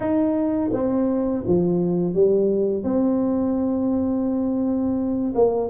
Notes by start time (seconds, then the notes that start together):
0.00 D#4
0.73 C4
1.46 F3
2.14 G3
2.83 C4
5.34 A#3